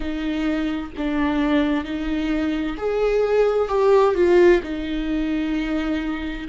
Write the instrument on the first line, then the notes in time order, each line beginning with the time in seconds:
viola
0.00 D#4
0.97 D4
1.84 D#4
2.77 G#4
3.68 G4
4.14 F4
4.62 D#4